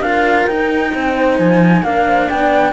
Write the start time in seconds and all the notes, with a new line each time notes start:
0.00 D4 F4 A#4 F5
0.46 D#4 G5
0.93 C4 C5
1.38 F3 G#5
1.82 A#3 D4 A#4 F5
2.06 C5
2.29 B3 D5 G5